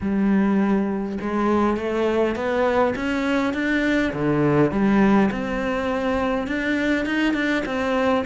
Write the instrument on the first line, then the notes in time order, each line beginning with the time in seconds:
cello
0.01 G3
1.20 G#3
1.76 A3
2.35 B3
2.95 C#4
3.53 D4
4.13 D3
4.71 G3
5.31 C4
6.47 D4
7.05 D#4
7.33 D4
7.65 C4